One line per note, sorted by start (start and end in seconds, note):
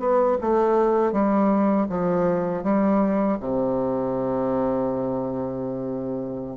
0.00 0.38 B3
0.41 1.12 A3
1.12 1.88 G3
1.90 2.64 F3
2.64 3.39 G3
3.40 6.57 C3